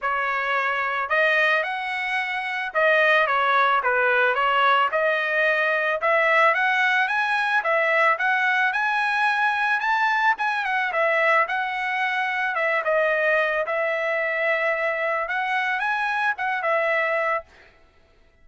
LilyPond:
\new Staff \with { instrumentName = "trumpet" } { \time 4/4 \tempo 4 = 110 cis''2 dis''4 fis''4~ | fis''4 dis''4 cis''4 b'4 | cis''4 dis''2 e''4 | fis''4 gis''4 e''4 fis''4 |
gis''2 a''4 gis''8 fis''8 | e''4 fis''2 e''8 dis''8~ | dis''4 e''2. | fis''4 gis''4 fis''8 e''4. | }